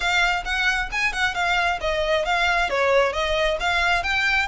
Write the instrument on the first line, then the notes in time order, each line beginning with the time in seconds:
violin
0.00 F5
0.45 F#5
0.91 G#5
1.13 F#5
1.34 F5
1.81 D#5
2.25 F5
2.69 C#5
3.12 D#5
3.60 F5
4.03 G5